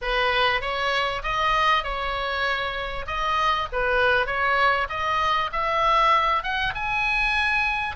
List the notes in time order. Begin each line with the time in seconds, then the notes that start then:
0.01 B4
0.61 C#5
1.22 D#5
1.83 C#5
3.06 D#5
3.72 B4
4.26 C#5
4.89 D#5
5.52 E5
6.43 F#5
6.74 G#5